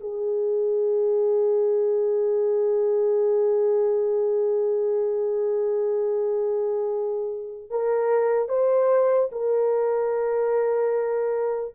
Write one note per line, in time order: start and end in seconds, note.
0.00 7.70 G#4
7.70 8.48 A#4
8.48 9.29 C5
9.32 11.75 A#4